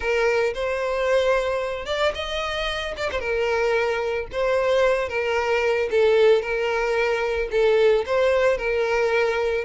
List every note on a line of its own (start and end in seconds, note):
0.00 0.53 A#4
0.54 1.85 C5
1.85 2.12 D5
2.14 2.94 D#5
2.96 3.09 D5
3.11 3.19 C5
3.19 4.27 A#4
4.32 5.08 C5
5.08 5.89 A#4
5.90 6.41 A4
6.41 7.49 A#4
7.51 8.04 A4
8.06 8.57 C5
8.57 9.64 A#4